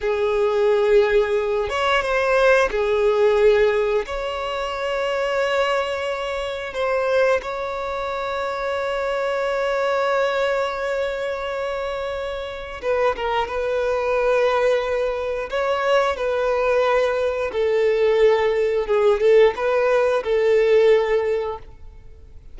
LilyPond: \new Staff \with { instrumentName = "violin" } { \time 4/4 \tempo 4 = 89 gis'2~ gis'8 cis''8 c''4 | gis'2 cis''2~ | cis''2 c''4 cis''4~ | cis''1~ |
cis''2. b'8 ais'8 | b'2. cis''4 | b'2 a'2 | gis'8 a'8 b'4 a'2 | }